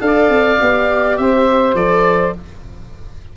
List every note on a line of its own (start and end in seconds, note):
0.00 0.29 D4
0.00 0.58 A4
0.00 1.21 D5
0.00 1.17 F5
0.29 0.58 C4
0.61 1.19 B3
0.61 1.76 G4
1.17 1.75 C4
1.17 2.37 C5
1.17 1.75 E5
1.75 2.33 F3
1.75 2.34 A4
1.75 2.34 D5